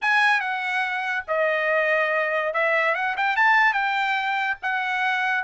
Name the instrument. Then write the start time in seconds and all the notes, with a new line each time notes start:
trumpet
0.01 G#5
0.40 F#5
1.27 D#5
2.53 E5
2.94 F#5
3.16 G5
3.36 A5
3.73 G5
4.62 F#5